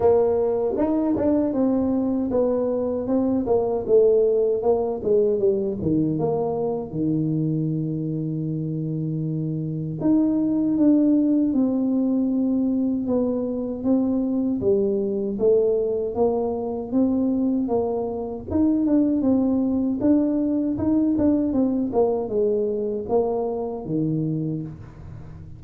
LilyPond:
\new Staff \with { instrumentName = "tuba" } { \time 4/4 \tempo 4 = 78 ais4 dis'8 d'8 c'4 b4 | c'8 ais8 a4 ais8 gis8 g8 dis8 | ais4 dis2.~ | dis4 dis'4 d'4 c'4~ |
c'4 b4 c'4 g4 | a4 ais4 c'4 ais4 | dis'8 d'8 c'4 d'4 dis'8 d'8 | c'8 ais8 gis4 ais4 dis4 | }